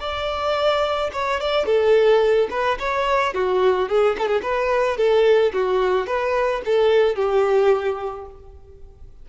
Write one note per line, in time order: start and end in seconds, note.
0.00 1.10 D5
1.13 1.40 C#5
1.40 1.66 D5
1.66 2.48 A4
2.50 2.78 B4
2.79 3.34 C#5
3.34 3.89 F#4
3.89 4.16 G#4
4.18 4.27 A4
4.27 4.41 G#4
4.42 4.97 B4
4.97 5.52 A4
5.53 6.07 F#4
6.07 6.62 B4
6.65 7.15 A4
7.15 8.25 G4